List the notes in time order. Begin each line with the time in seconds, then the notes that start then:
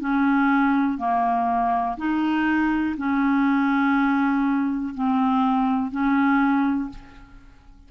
0.00 C#4
0.98 A#3
1.97 D#4
2.97 C#4
4.94 C4
5.92 C#4